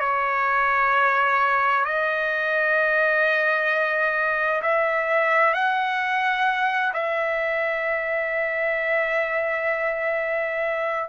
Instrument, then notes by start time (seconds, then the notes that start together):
trumpet
0.00 C#5
1.85 D#5
4.62 E5
5.54 F#5
6.94 E5